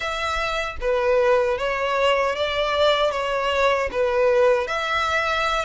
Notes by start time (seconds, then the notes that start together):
0.00 E5
0.80 B4
1.58 C#5
2.36 D5
3.11 C#5
3.91 B4
4.67 E5